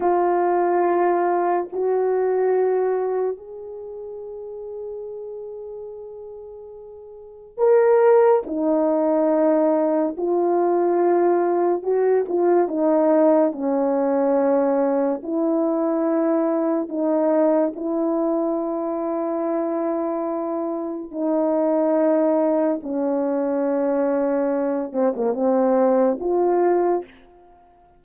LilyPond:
\new Staff \with { instrumentName = "horn" } { \time 4/4 \tempo 4 = 71 f'2 fis'2 | gis'1~ | gis'4 ais'4 dis'2 | f'2 fis'8 f'8 dis'4 |
cis'2 e'2 | dis'4 e'2.~ | e'4 dis'2 cis'4~ | cis'4. c'16 ais16 c'4 f'4 | }